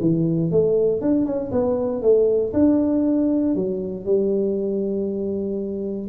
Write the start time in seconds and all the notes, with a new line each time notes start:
0.00 E3
0.51 A3
1.01 D4
1.25 C#4
1.51 B3
2.02 A3
2.53 D4
3.55 F#3
4.05 G3